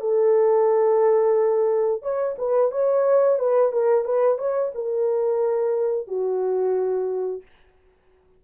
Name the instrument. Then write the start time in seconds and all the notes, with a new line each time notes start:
horn
0.00 A4
2.02 C#5
2.38 B4
2.72 C#5
3.39 B4
3.72 A#4
4.05 B4
4.38 C#5
4.75 A#4
6.08 F#4